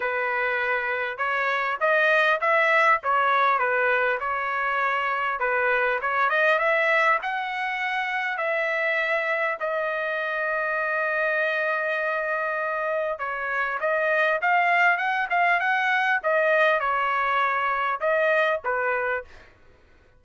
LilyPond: \new Staff \with { instrumentName = "trumpet" } { \time 4/4 \tempo 4 = 100 b'2 cis''4 dis''4 | e''4 cis''4 b'4 cis''4~ | cis''4 b'4 cis''8 dis''8 e''4 | fis''2 e''2 |
dis''1~ | dis''2 cis''4 dis''4 | f''4 fis''8 f''8 fis''4 dis''4 | cis''2 dis''4 b'4 | }